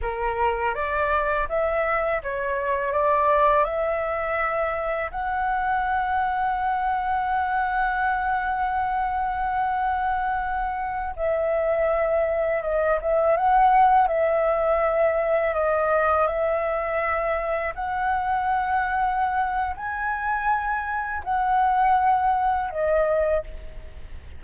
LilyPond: \new Staff \with { instrumentName = "flute" } { \time 4/4 \tempo 4 = 82 ais'4 d''4 e''4 cis''4 | d''4 e''2 fis''4~ | fis''1~ | fis''2.~ fis''16 e''8.~ |
e''4~ e''16 dis''8 e''8 fis''4 e''8.~ | e''4~ e''16 dis''4 e''4.~ e''16~ | e''16 fis''2~ fis''8. gis''4~ | gis''4 fis''2 dis''4 | }